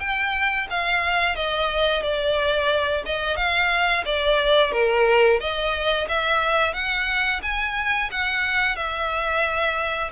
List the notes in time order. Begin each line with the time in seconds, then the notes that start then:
0.00 G5
0.70 F5
1.36 D#5
2.03 D5
3.06 D#5
3.37 F5
4.06 D5
4.73 A#4
5.41 D#5
6.09 E5
6.74 F#5
7.43 G#5
8.11 F#5
8.76 E5